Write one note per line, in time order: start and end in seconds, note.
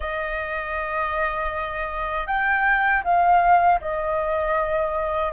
0.00 2.26 D#5
2.26 3.02 G5
3.04 3.80 F5
3.80 5.32 D#5